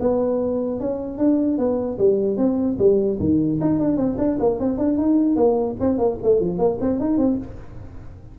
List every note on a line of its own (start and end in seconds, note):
0.00 0.80 B3
0.80 1.18 C#4
1.18 1.58 D4
1.58 1.98 B3
1.99 2.37 G3
2.37 2.77 C4
2.79 3.19 G3
3.20 3.60 D#3
3.61 3.79 D#4
3.79 3.97 D4
3.97 4.17 C4
4.18 4.38 D4
4.40 4.60 A#3
4.60 4.78 C4
4.78 4.97 D4
4.97 5.36 D#4
5.36 5.76 A#3
5.80 5.98 C4
5.98 6.18 A#3
6.23 6.40 A3
6.40 6.58 F3
6.58 6.78 A#3
6.81 7.00 C4
7.00 7.18 D#4
7.18 7.38 C4